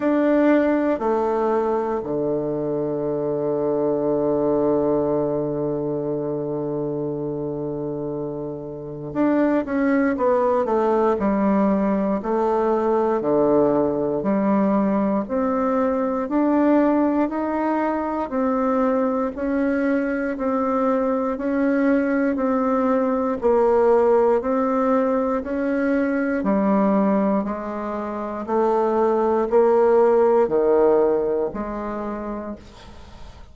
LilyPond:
\new Staff \with { instrumentName = "bassoon" } { \time 4/4 \tempo 4 = 59 d'4 a4 d2~ | d1~ | d4 d'8 cis'8 b8 a8 g4 | a4 d4 g4 c'4 |
d'4 dis'4 c'4 cis'4 | c'4 cis'4 c'4 ais4 | c'4 cis'4 g4 gis4 | a4 ais4 dis4 gis4 | }